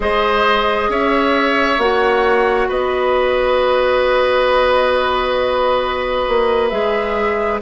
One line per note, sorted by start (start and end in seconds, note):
0.00 0.88 G#3
0.00 1.77 G#4
0.00 0.90 C5
0.00 0.91 D#5
0.88 1.77 C#4
0.88 2.68 C#5
0.88 1.79 E5
1.77 2.67 A#3
1.77 6.71 F#4
1.77 2.69 F#5
2.68 6.27 B3
2.68 7.60 B4
2.68 6.69 D#5
6.28 6.71 A#3
6.69 7.61 G#3
6.69 7.60 G#4
6.69 7.58 E5